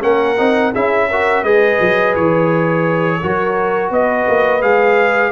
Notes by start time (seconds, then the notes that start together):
0.00 A#3 C#4 A#4 F#5
0.38 C4 D#4
0.72 C#4 E4 G#4 E5
1.09 F#4 A#4
1.42 G#3 G#4 B4 D#5
1.79 F#3
2.15 E3 C#5
3.20 F#3 F#4 A#4
3.90 B3 B4 D#5
4.28 A#3
4.61 G#3 G#4 F5